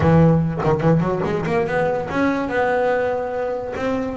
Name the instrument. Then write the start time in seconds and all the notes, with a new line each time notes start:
double bass
0.00 E3
0.63 D#3
0.80 E3
1.00 F#3
1.24 G#3
1.46 A#3
1.66 B3
2.10 C#4
2.48 B3
3.76 C4